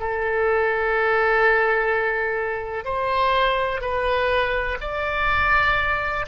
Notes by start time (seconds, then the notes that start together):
0.00 A4
2.85 C5
3.81 B4
4.80 D5